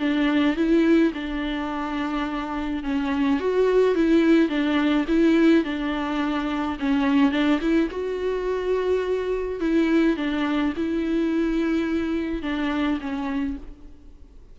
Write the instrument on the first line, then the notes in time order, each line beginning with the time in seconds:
viola
0.00 D4
0.57 E4
1.14 D4
2.84 C#4
3.40 F#4
3.95 E4
4.49 D4
5.08 E4
5.65 D4
6.80 C#4
7.32 D4
7.61 E4
7.91 F#4
9.61 E4
10.17 D4
10.77 E4
12.43 D4
13.01 C#4